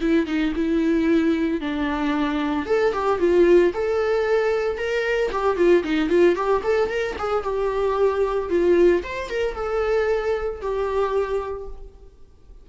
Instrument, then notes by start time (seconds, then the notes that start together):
viola
0.00 E4
0.26 D#4
0.55 E4
1.61 D4
2.66 A4
2.93 G4
3.19 F4
3.73 A4
4.77 A#4
5.31 G4
5.57 F4
5.83 D#4
6.09 F4
6.35 G4
6.63 A4
6.89 A#4
7.18 G#4
7.43 G4
8.49 F4
9.03 C5
9.29 A#4
9.55 A4
10.61 G4